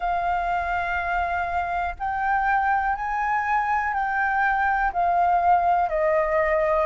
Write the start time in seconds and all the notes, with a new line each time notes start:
0.00 F5
1.99 G5
2.95 G#5
3.93 G5
4.92 F5
5.89 D#5